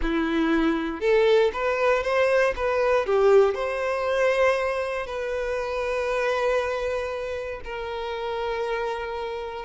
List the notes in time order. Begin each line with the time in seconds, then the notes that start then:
0.02 E4
1.00 A4
1.53 B4
2.03 C5
2.55 B4
3.05 G4
3.54 C5
5.06 B4
7.64 A#4